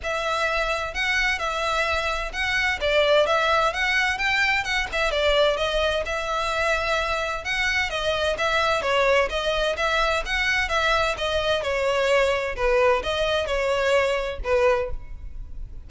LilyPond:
\new Staff \with { instrumentName = "violin" } { \time 4/4 \tempo 4 = 129 e''2 fis''4 e''4~ | e''4 fis''4 d''4 e''4 | fis''4 g''4 fis''8 e''8 d''4 | dis''4 e''2. |
fis''4 dis''4 e''4 cis''4 | dis''4 e''4 fis''4 e''4 | dis''4 cis''2 b'4 | dis''4 cis''2 b'4 | }